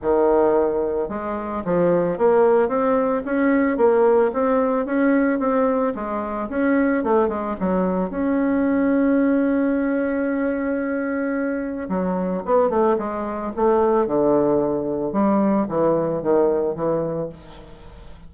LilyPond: \new Staff \with { instrumentName = "bassoon" } { \time 4/4 \tempo 4 = 111 dis2 gis4 f4 | ais4 c'4 cis'4 ais4 | c'4 cis'4 c'4 gis4 | cis'4 a8 gis8 fis4 cis'4~ |
cis'1~ | cis'2 fis4 b8 a8 | gis4 a4 d2 | g4 e4 dis4 e4 | }